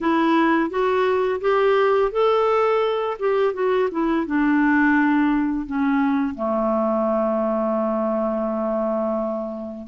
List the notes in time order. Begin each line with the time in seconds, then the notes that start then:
0.00 E4
0.69 F#4
1.41 G4
2.11 A4
3.19 G4
3.53 F#4
3.91 E4
4.26 D4
5.66 C#4
6.34 A3